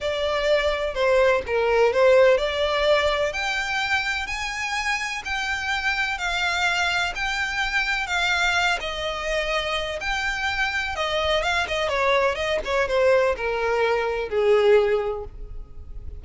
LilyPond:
\new Staff \with { instrumentName = "violin" } { \time 4/4 \tempo 4 = 126 d''2 c''4 ais'4 | c''4 d''2 g''4~ | g''4 gis''2 g''4~ | g''4 f''2 g''4~ |
g''4 f''4. dis''4.~ | dis''4 g''2 dis''4 | f''8 dis''8 cis''4 dis''8 cis''8 c''4 | ais'2 gis'2 | }